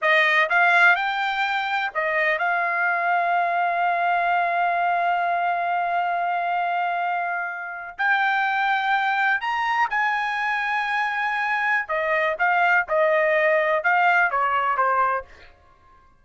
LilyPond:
\new Staff \with { instrumentName = "trumpet" } { \time 4/4 \tempo 4 = 126 dis''4 f''4 g''2 | dis''4 f''2.~ | f''1~ | f''1~ |
f''8. g''2. ais''16~ | ais''8. gis''2.~ gis''16~ | gis''4 dis''4 f''4 dis''4~ | dis''4 f''4 cis''4 c''4 | }